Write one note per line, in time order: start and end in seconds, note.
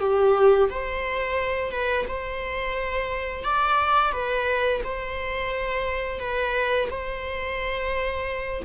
0.00 0.69 G4
0.70 1.71 C5
1.71 2.06 B4
2.08 3.44 C5
3.44 4.12 D5
4.12 4.81 B4
4.84 6.20 C5
6.20 6.89 B4
6.90 8.63 C5